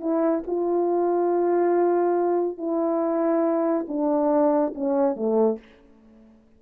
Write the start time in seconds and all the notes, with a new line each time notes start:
0.00 E4
0.46 F4
2.57 E4
3.87 D4
4.75 C#4
5.16 A3